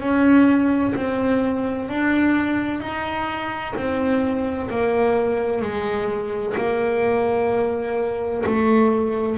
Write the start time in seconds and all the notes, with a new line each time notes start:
0.00 C#4
0.95 C4
1.88 D4
2.80 D#4
3.76 C4
4.70 A#3
5.61 G#3
6.56 A#3
8.45 A3